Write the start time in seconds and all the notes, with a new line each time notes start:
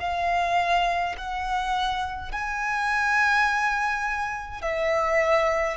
0.00 F5
1.17 F#5
2.31 G#5
4.62 E5